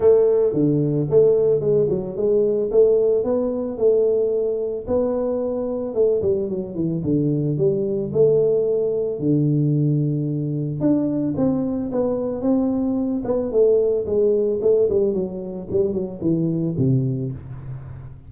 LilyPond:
\new Staff \with { instrumentName = "tuba" } { \time 4/4 \tempo 4 = 111 a4 d4 a4 gis8 fis8 | gis4 a4 b4 a4~ | a4 b2 a8 g8 | fis8 e8 d4 g4 a4~ |
a4 d2. | d'4 c'4 b4 c'4~ | c'8 b8 a4 gis4 a8 g8 | fis4 g8 fis8 e4 c4 | }